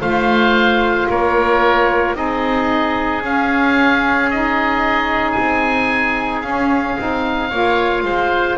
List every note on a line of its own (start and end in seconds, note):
0.00 1.08 A3
0.00 2.14 F4
0.00 1.07 C5
0.00 1.08 F5
1.09 2.14 A#3
1.09 2.17 A#4
1.09 2.15 C#5
2.14 3.21 C4
2.14 3.21 D#4
2.14 7.49 G#4
2.14 3.22 D#5
3.21 5.35 C#4
3.21 4.30 C#4
3.21 4.30 F5
4.30 6.43 D#4
4.30 5.31 D#5
5.31 6.44 C4
5.31 6.39 G#5
6.41 6.96 C#4
6.41 6.97 C#4
6.41 8.56 F5
6.97 7.51 C4
6.97 7.50 D#4
7.49 8.03 A#3
7.49 8.57 F4
7.49 8.02 C#5
8.03 8.56 G#3
8.03 8.57 C5